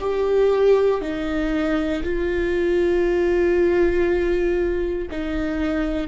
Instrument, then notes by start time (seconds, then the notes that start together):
viola
0.00 G4
1.01 D#4
2.03 F4
5.11 D#4